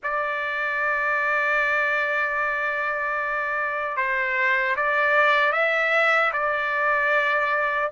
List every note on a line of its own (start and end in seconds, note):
0.03 3.97 D5
3.97 4.75 C5
4.76 5.52 D5
5.52 6.31 E5
6.33 7.91 D5